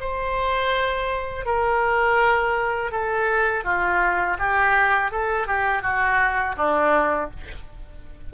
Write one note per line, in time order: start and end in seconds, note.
0.00 1.45 C5
1.45 2.91 A#4
2.91 3.64 A4
3.64 4.37 F4
4.38 5.11 G4
5.11 5.47 A4
5.47 5.82 G4
5.82 6.55 F#4
6.57 7.30 D4